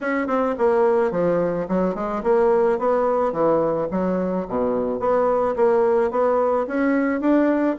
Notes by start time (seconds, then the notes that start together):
0.01 C#4
0.27 C4
0.58 A#3
1.11 F3
1.68 F#3
1.94 G#3
2.23 A#3
2.78 B3
3.32 E3
3.91 F#3
4.48 B2
4.99 B3
5.56 A#3
6.10 B3
6.67 C#4
7.20 D4